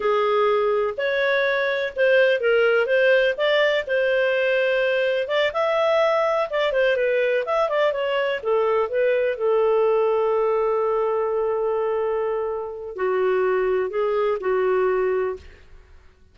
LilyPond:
\new Staff \with { instrumentName = "clarinet" } { \time 4/4 \tempo 4 = 125 gis'2 cis''2 | c''4 ais'4 c''4 d''4 | c''2. d''8 e''8~ | e''4. d''8 c''8 b'4 e''8 |
d''8 cis''4 a'4 b'4 a'8~ | a'1~ | a'2. fis'4~ | fis'4 gis'4 fis'2 | }